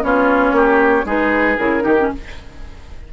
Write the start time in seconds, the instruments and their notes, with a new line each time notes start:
0.00 bassoon B3, clarinet C#4, oboe F4, flute C#5
0.52 bassoon A#3, oboe G4
1.05 bassoon G#3, clarinet D#4, oboe G#4, flute B4
1.57 bassoon C#3, clarinet E4, flute A#4
1.80 bassoon D#3, clarinet D#4, oboe G4
1.99 clarinet C#4